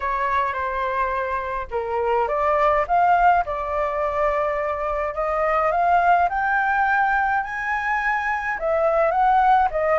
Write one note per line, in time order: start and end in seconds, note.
0.00 0.53 C#5
0.53 1.67 C5
1.71 2.28 A#4
2.28 2.85 D5
2.87 3.44 F5
3.45 5.14 D5
5.14 5.71 D#5
5.71 6.28 F5
6.29 7.43 G5
7.43 8.57 G#5
8.58 9.11 E5
9.11 9.68 F#5
9.70 9.98 D#5